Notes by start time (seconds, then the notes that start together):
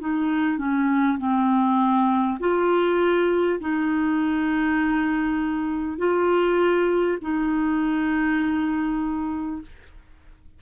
0.00 D#4
0.58 C#4
1.18 C4
2.39 F4
3.60 D#4
5.98 F4
7.22 D#4